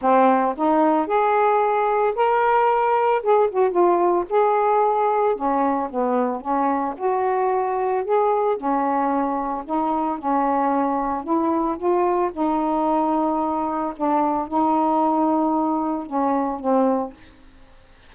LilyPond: \new Staff \with { instrumentName = "saxophone" } { \time 4/4 \tempo 4 = 112 c'4 dis'4 gis'2 | ais'2 gis'8 fis'8 f'4 | gis'2 cis'4 b4 | cis'4 fis'2 gis'4 |
cis'2 dis'4 cis'4~ | cis'4 e'4 f'4 dis'4~ | dis'2 d'4 dis'4~ | dis'2 cis'4 c'4 | }